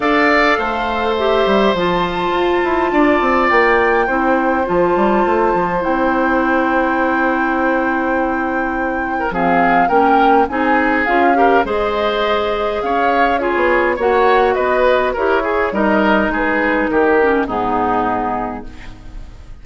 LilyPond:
<<
  \new Staff \with { instrumentName = "flute" } { \time 4/4 \tempo 4 = 103 f''2 e''4 a''4~ | a''2 g''2 | a''2 g''2~ | g''1 |
f''4 g''4 gis''4 f''4 | dis''2 f''4 cis''4 | fis''4 dis''4 cis''4 dis''4 | b'4 ais'4 gis'2 | }
  \new Staff \with { instrumentName = "oboe" } { \time 4/4 d''4 c''2.~ | c''4 d''2 c''4~ | c''1~ | c''2.~ c''8. ais'16 |
gis'4 ais'4 gis'4. ais'8 | c''2 cis''4 gis'4 | cis''4 b'4 ais'8 gis'8 ais'4 | gis'4 g'4 dis'2 | }
  \new Staff \with { instrumentName = "clarinet" } { \time 4/4 a'2 g'4 f'4~ | f'2. e'4 | f'2 e'2~ | e'1 |
c'4 cis'4 dis'4 f'8 g'8 | gis'2. f'4 | fis'2 g'8 gis'8 dis'4~ | dis'4. cis'8 b2 | }
  \new Staff \with { instrumentName = "bassoon" } { \time 4/4 d'4 a4. g8 f4 | f'8 e'8 d'8 c'8 ais4 c'4 | f8 g8 a8 f8 c'2~ | c'1 |
f4 ais4 c'4 cis'4 | gis2 cis'4~ cis'16 b8. | ais4 b4 e'4 g4 | gis4 dis4 gis,2 | }
>>